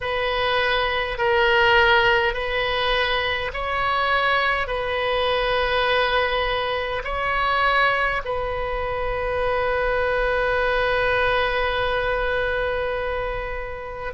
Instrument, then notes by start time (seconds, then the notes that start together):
oboe
0.00 B4
1.18 A#4
2.33 B4
3.53 C#5
4.67 B4
7.04 C#5
8.25 B4